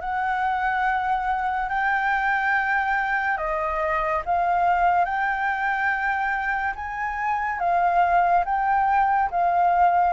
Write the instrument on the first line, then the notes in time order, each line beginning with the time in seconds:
flute
0.00 F#5
1.69 G5
3.37 D#5
4.25 F5
5.04 G5
6.75 G#5
7.59 F5
8.45 G5
9.30 F5